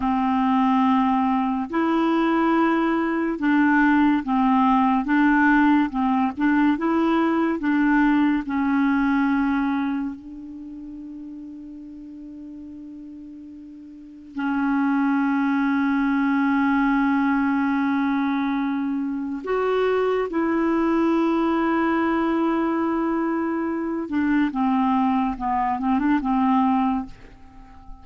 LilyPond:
\new Staff \with { instrumentName = "clarinet" } { \time 4/4 \tempo 4 = 71 c'2 e'2 | d'4 c'4 d'4 c'8 d'8 | e'4 d'4 cis'2 | d'1~ |
d'4 cis'2.~ | cis'2. fis'4 | e'1~ | e'8 d'8 c'4 b8 c'16 d'16 c'4 | }